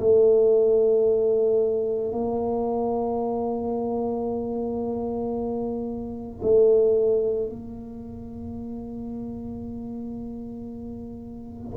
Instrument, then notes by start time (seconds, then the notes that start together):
tuba
0.00 A3
2.13 A#3
6.43 A3
7.50 A#3